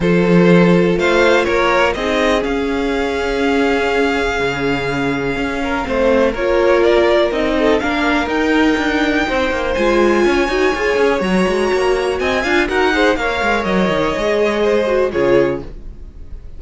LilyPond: <<
  \new Staff \with { instrumentName = "violin" } { \time 4/4 \tempo 4 = 123 c''2 f''4 cis''4 | dis''4 f''2.~ | f''1~ | f''4 cis''4 d''4 dis''4 |
f''4 g''2. | gis''2. ais''4~ | ais''4 gis''4 fis''4 f''4 | dis''2. cis''4 | }
  \new Staff \with { instrumentName = "violin" } { \time 4/4 a'2 c''4 ais'4 | gis'1~ | gis'2.~ gis'8 ais'8 | c''4 ais'2~ ais'8 a'8 |
ais'2. c''4~ | c''4 cis''2.~ | cis''4 dis''8 f''8 ais'8 c''8 cis''4~ | cis''2 c''4 gis'4 | }
  \new Staff \with { instrumentName = "viola" } { \time 4/4 f'1 | dis'4 cis'2.~ | cis'1 | c'4 f'2 dis'4 |
d'4 dis'2. | f'4. fis'8 gis'4 fis'4~ | fis'4. f'8 fis'8 gis'8 ais'4~ | ais'4 gis'4. fis'8 f'4 | }
  \new Staff \with { instrumentName = "cello" } { \time 4/4 f2 a4 ais4 | c'4 cis'2.~ | cis'4 cis2 cis'4 | a4 ais2 c'4 |
ais4 dis'4 d'4 c'8 ais8 | gis4 cis'8 dis'8 f'8 cis'8 fis8 gis8 | ais4 c'8 d'8 dis'4 ais8 gis8 | fis8 dis8 gis2 cis4 | }
>>